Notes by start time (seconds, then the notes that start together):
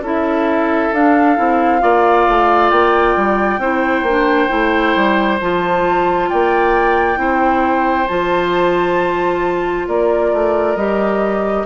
0.00 C#4 E4 A4 E5
0.92 D4 F5
1.37 C4 E4
1.80 A#3 F4 D5
2.28 A3
2.69 A#3 G5
3.16 G3
3.58 C4 E4 C5
4.02 A#3
4.08 D4
4.48 A3 E4
4.96 G3
5.40 F3 F4 A5
6.29 A#3 D5 G5
7.16 C4 E4 C5
8.07 F3 F4 A5
9.87 A#3 A#4 D5
10.32 A3
10.75 G3 G4 D#5